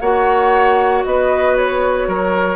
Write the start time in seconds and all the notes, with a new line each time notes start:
0.00 A#3 F#4 C#5 F#5
1.05 B3 B4 D#5
1.57 C#5
2.08 F#3 A#4